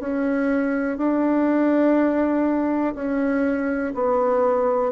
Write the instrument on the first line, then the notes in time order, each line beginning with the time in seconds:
bassoon
0.00 C#4
0.98 D4
2.95 C#4
3.95 B3